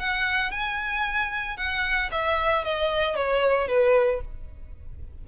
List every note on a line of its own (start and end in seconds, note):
0.00 0.52 F#5
0.52 1.58 G#5
1.58 2.11 F#5
2.12 2.65 E5
2.65 3.16 D#5
3.16 3.69 C#5
3.69 4.22 B4